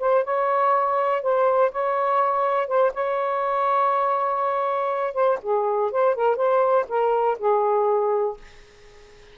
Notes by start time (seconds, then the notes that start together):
0.00 C5
0.25 C#5
1.23 C5
1.72 C#5
2.68 C5
2.94 C#5
5.14 C5
5.43 G#4
5.92 C5
6.16 A#4
6.37 C5
6.89 A#4
7.39 G#4